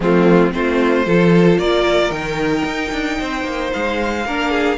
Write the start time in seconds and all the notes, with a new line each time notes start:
0.00 F3 A3 C4 F4
0.52 A3 C4 F4 C5
1.05 F3 F4 A4
1.58 A#3 A#4 D5
2.10 D#3 D#4 G5
2.64 D#4
2.91 D4
3.20 C4 C5
3.44 A#3
3.72 G#3 F5
4.25 A#3 D4 A#4
4.51 G#4